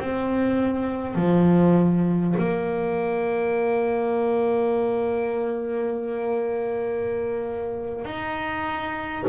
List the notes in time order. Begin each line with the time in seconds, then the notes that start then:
0.00 C4
1.16 F3
2.38 A#3
8.06 D#4